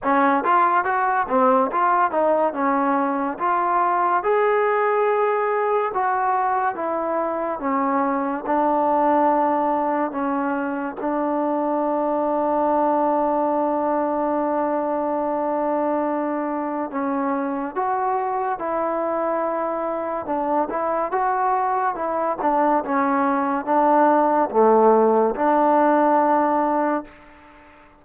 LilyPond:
\new Staff \with { instrumentName = "trombone" } { \time 4/4 \tempo 4 = 71 cis'8 f'8 fis'8 c'8 f'8 dis'8 cis'4 | f'4 gis'2 fis'4 | e'4 cis'4 d'2 | cis'4 d'2.~ |
d'1 | cis'4 fis'4 e'2 | d'8 e'8 fis'4 e'8 d'8 cis'4 | d'4 a4 d'2 | }